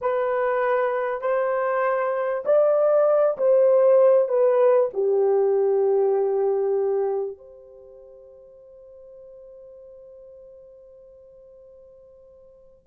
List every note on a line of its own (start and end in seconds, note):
0.01 1.21 B4
1.21 2.43 C5
2.45 3.37 D5
3.37 4.28 C5
4.28 4.89 B4
4.93 7.37 G4
7.37 12.86 C5